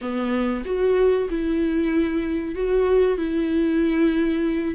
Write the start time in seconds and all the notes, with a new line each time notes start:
0.01 B3
0.65 F#4
1.29 E4
2.55 F#4
3.17 E4